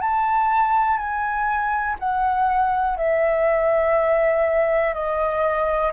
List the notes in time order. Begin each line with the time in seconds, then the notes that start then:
0.00 A5
0.97 G#5
1.99 F#5
2.97 E5
4.94 D#5